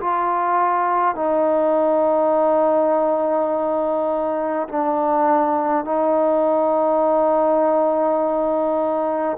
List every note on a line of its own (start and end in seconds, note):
0.00 1.15 F4
1.15 4.68 D#4
4.68 5.84 D4
5.84 9.37 D#4